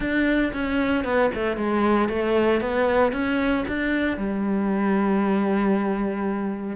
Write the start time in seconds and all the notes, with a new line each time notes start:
0.00 D4
0.53 C#4
1.04 B3
1.34 A3
1.57 G#3
2.08 A3
2.60 B3
3.12 C#4
3.67 D4
4.17 G3